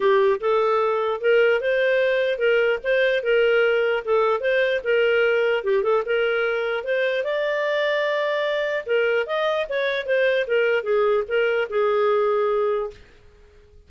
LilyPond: \new Staff \with { instrumentName = "clarinet" } { \time 4/4 \tempo 4 = 149 g'4 a'2 ais'4 | c''2 ais'4 c''4 | ais'2 a'4 c''4 | ais'2 g'8 a'8 ais'4~ |
ais'4 c''4 d''2~ | d''2 ais'4 dis''4 | cis''4 c''4 ais'4 gis'4 | ais'4 gis'2. | }